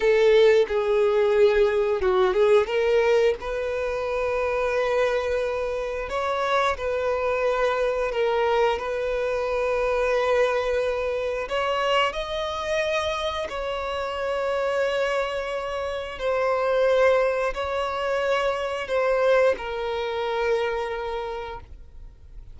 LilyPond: \new Staff \with { instrumentName = "violin" } { \time 4/4 \tempo 4 = 89 a'4 gis'2 fis'8 gis'8 | ais'4 b'2.~ | b'4 cis''4 b'2 | ais'4 b'2.~ |
b'4 cis''4 dis''2 | cis''1 | c''2 cis''2 | c''4 ais'2. | }